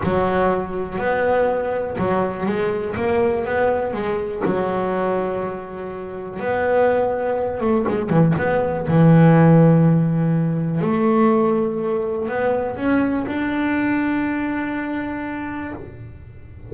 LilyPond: \new Staff \with { instrumentName = "double bass" } { \time 4/4 \tempo 4 = 122 fis2 b2 | fis4 gis4 ais4 b4 | gis4 fis2.~ | fis4 b2~ b8 a8 |
gis8 e8 b4 e2~ | e2 a2~ | a4 b4 cis'4 d'4~ | d'1 | }